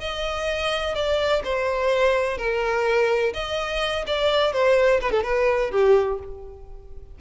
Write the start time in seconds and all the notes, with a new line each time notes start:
0.00 D#5
0.95 D5
1.44 C5
2.38 A#4
3.34 D#5
4.07 D5
4.53 C5
5.01 B4
5.11 A4
5.24 B4
5.71 G4